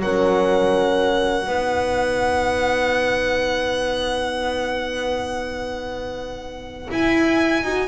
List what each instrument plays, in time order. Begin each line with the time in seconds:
0.00 double bass F#3, horn C#4 A#4, violin F#5
1.47 double bass B3, horn D#4 B4
6.91 double bass E4, horn E4, violin G#5
7.64 double bass D#4, horn F#4